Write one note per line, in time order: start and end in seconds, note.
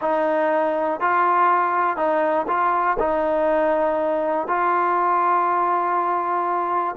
0.01 1.00 D#4
1.00 1.96 F4
1.96 2.46 D#4
2.47 2.97 F4
2.99 4.47 D#4
4.47 6.95 F4